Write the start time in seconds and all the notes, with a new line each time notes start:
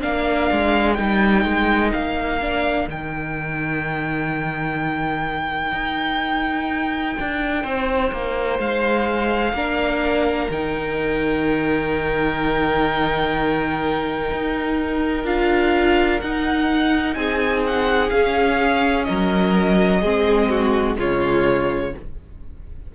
0.00 A#3 D4 A#4 F5
0.51 G#3
0.94 G3 D#4 G5
1.44 G#3
1.92 A#3 F5
2.40 D4
2.87 D#3 D#4 G5
5.72 D#4
7.19 D4
7.62 C4 C5
8.11 A#3
8.59 G#3 F5
9.53 A#3 D4 A#4
10.49 D#3 D#4 G5
14.32 D#4
15.24 D4 F4 F5
16.20 D#4 F#5
17.14 C4 G#4 G#5
17.66 F#5
18.10 C#4 F5
19.04 F#3 A#4 D#5
20.00 G#3 C4 G#4
20.49 F#4
20.96 C#3 G#3 F4 C#5